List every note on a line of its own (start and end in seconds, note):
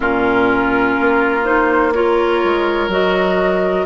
0.00 0.96 A#2
0.00 1.42 C#4
0.00 1.93 F4
0.00 1.44 A#4
1.00 2.44 A#3
1.44 1.92 D#4
1.44 1.93 C5
1.94 2.90 F4
1.94 3.85 A#4
1.94 2.90 C#5
2.44 2.87 G#3
2.87 3.84 F#3
2.87 3.85 F#4
2.87 3.85 D#5